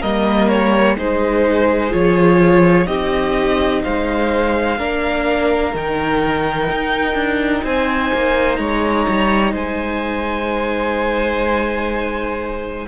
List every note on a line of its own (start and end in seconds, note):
0.00 0.97 G3
0.00 0.97 A#3
0.00 0.95 A#4
0.00 0.48 D#5
0.48 0.96 C#5
0.97 1.92 G#3
0.97 1.90 D#4
0.97 2.87 G#4
0.97 1.92 C5
1.90 2.87 F3
1.90 2.85 F4
1.90 2.87 C#5
2.86 3.82 C4
2.86 4.76 D#4
2.86 3.82 G4
2.86 3.82 D#5
3.82 4.79 G#3
3.82 4.78 C5
3.82 5.74 F5
4.78 5.73 A#3
4.78 5.73 D4
4.78 7.63 A#4
5.73 6.69 D#3
5.73 12.87 D#4
5.73 7.64 G5
6.69 7.14 D#4
7.14 7.62 D4
7.63 8.11 C4
7.63 8.59 C5
7.63 8.56 G#5
8.13 8.58 A#3
8.56 9.06 G#3
8.56 9.53 C#5
8.56 9.51 A#5
9.08 9.52 G3
9.52 12.85 G#3
9.52 12.86 C5
9.52 12.87 G#5